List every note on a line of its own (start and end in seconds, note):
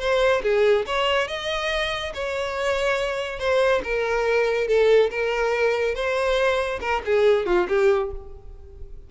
0.00 0.43 C5
0.43 0.86 G#4
0.87 1.28 C#5
1.28 2.13 D#5
2.15 3.39 C#5
3.39 3.82 C5
3.84 4.68 A#4
4.68 5.11 A4
5.11 5.95 A#4
5.95 6.80 C5
6.81 7.02 A#4
7.05 7.46 G#4
7.46 7.68 F4
7.69 8.11 G4